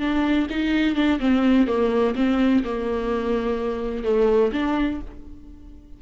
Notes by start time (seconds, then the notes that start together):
0.00 D4
0.50 D#4
0.96 D4
1.20 C4
1.68 A#3
2.16 C4
2.65 A#3
4.05 A3
4.53 D4